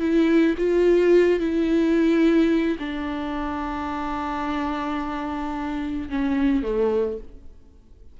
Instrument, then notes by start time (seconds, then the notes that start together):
viola
0.00 E4
0.58 F4
1.40 E4
2.79 D4
6.10 C#4
6.63 A3